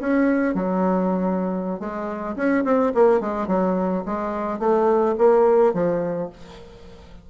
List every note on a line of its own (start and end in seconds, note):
0.00 0.54 C#4
0.54 1.79 F#3
1.79 2.36 G#3
2.36 2.64 C#4
2.64 2.92 C4
2.94 3.20 A#3
3.20 3.47 G#3
3.47 4.03 F#3
4.06 4.59 G#3
4.59 5.15 A3
5.18 5.73 A#3
5.73 6.30 F3